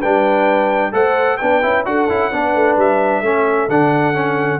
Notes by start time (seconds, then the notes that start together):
0.00 G3 D4 B4 G5
0.92 A3 A4 C5 F#5
1.37 B3 D4 B4 G5
1.62 C#4 E4
1.85 D4 F#4 A4 F#5
2.09 C#4 E4
2.32 B3 D4 B4
2.55 A3
2.77 G3 E5
3.21 A3 C#4 A4
3.68 D3 D4 F#5
4.13 C#4